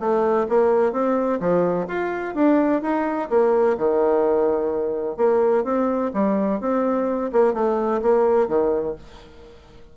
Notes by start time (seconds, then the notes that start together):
0.00 A3
0.49 A#3
0.93 C4
1.40 F3
1.88 F4
2.35 D4
2.82 D#4
3.30 A#3
3.78 D#3
5.17 A#3
5.64 C4
6.14 G3
6.61 C4
7.33 A#3
7.54 A3
8.03 A#3
8.48 D#3